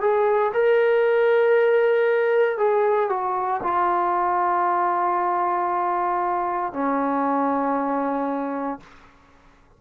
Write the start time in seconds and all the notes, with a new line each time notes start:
0.00 G#4
0.53 A#4
2.58 G#4
3.09 F#4
3.63 F4
6.72 C#4